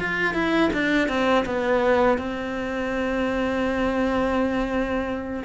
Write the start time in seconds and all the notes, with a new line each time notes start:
0.00 F4
0.35 E4
0.74 D4
1.09 C4
1.46 B3
2.18 C4